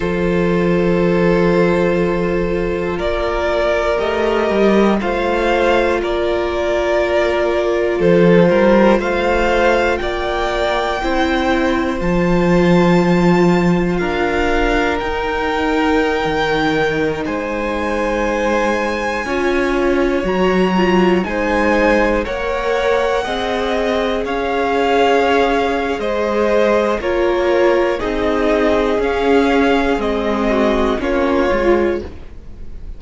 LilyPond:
<<
  \new Staff \with { instrumentName = "violin" } { \time 4/4 \tempo 4 = 60 c''2. d''4 | dis''4 f''4 d''2 | c''4 f''4 g''2 | a''2 f''4 g''4~ |
g''4~ g''16 gis''2~ gis''8.~ | gis''16 ais''4 gis''4 fis''4.~ fis''16~ | fis''16 f''4.~ f''16 dis''4 cis''4 | dis''4 f''4 dis''4 cis''4 | }
  \new Staff \with { instrumentName = "violin" } { \time 4/4 a'2. ais'4~ | ais'4 c''4 ais'2 | a'8 ais'8 c''4 d''4 c''4~ | c''2 ais'2~ |
ais'4~ ais'16 c''2 cis''8.~ | cis''4~ cis''16 c''4 cis''4 dis''8.~ | dis''16 cis''4.~ cis''16 c''4 ais'4 | gis'2~ gis'8 fis'8 f'4 | }
  \new Staff \with { instrumentName = "viola" } { \time 4/4 f'1 | g'4 f'2.~ | f'2. e'4 | f'2. dis'4~ |
dis'2.~ dis'16 f'8.~ | f'16 fis'8 f'8 dis'4 ais'4 gis'8.~ | gis'2. f'4 | dis'4 cis'4 c'4 cis'8 f'8 | }
  \new Staff \with { instrumentName = "cello" } { \time 4/4 f2. ais4 | a8 g8 a4 ais2 | f8 g8 a4 ais4 c'4 | f2 d'4 dis'4~ |
dis'16 dis4 gis2 cis'8.~ | cis'16 fis4 gis4 ais4 c'8.~ | c'16 cis'4.~ cis'16 gis4 ais4 | c'4 cis'4 gis4 ais8 gis8 | }
>>